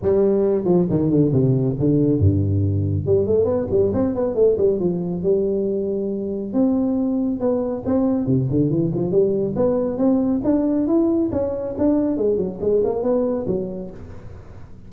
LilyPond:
\new Staff \with { instrumentName = "tuba" } { \time 4/4 \tempo 4 = 138 g4. f8 dis8 d8 c4 | d4 g,2 g8 a8 | b8 g8 c'8 b8 a8 g8 f4 | g2. c'4~ |
c'4 b4 c'4 c8 d8 | e8 f8 g4 b4 c'4 | d'4 e'4 cis'4 d'4 | gis8 fis8 gis8 ais8 b4 fis4 | }